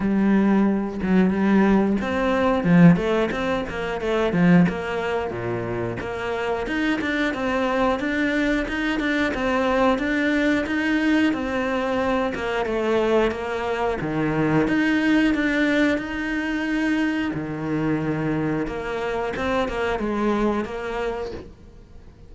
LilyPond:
\new Staff \with { instrumentName = "cello" } { \time 4/4 \tempo 4 = 90 g4. fis8 g4 c'4 | f8 a8 c'8 ais8 a8 f8 ais4 | ais,4 ais4 dis'8 d'8 c'4 | d'4 dis'8 d'8 c'4 d'4 |
dis'4 c'4. ais8 a4 | ais4 dis4 dis'4 d'4 | dis'2 dis2 | ais4 c'8 ais8 gis4 ais4 | }